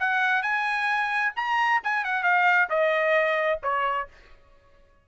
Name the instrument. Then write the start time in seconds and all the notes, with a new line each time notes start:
trumpet
0.00 F#5
0.43 G#5
1.37 A#5
1.84 G#5
2.05 F#5
2.24 F5
2.70 D#5
3.63 C#5